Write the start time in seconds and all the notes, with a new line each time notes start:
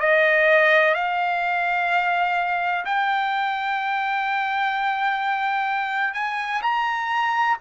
0.00 D#5
0.95 F5
2.86 G5
6.15 G#5
6.62 A#5